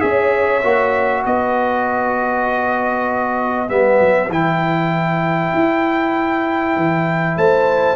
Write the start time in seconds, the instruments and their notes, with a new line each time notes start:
0.00 tuba C#4, trombone G#4, horn C#5, trumpet E5
0.63 tuba A#3, trombone F#4
1.24 tuba B3, horn B4, trumpet D#5
3.68 tuba G3, trombone B3, trumpet E5
4.00 tuba F#3
4.29 tuba E3, trombone E4, trumpet G5
5.54 tuba E4
6.76 tuba E3
7.37 tuba A3, horn C5, trumpet A5